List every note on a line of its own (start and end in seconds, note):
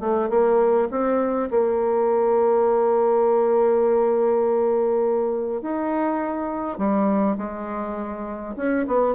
0.00 0.29 A3
0.30 0.89 A#3
0.91 1.50 C4
1.51 5.62 A#3
5.62 6.78 D#4
6.78 7.37 G3
7.38 8.56 G#3
8.57 8.86 C#4
8.87 9.15 B3